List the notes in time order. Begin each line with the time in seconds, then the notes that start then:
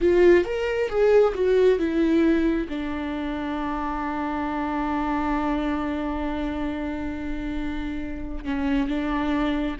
0.00 F4
0.44 A#4
0.88 G#4
1.34 F#4
1.78 E4
2.68 D4
8.44 C#4
8.88 D4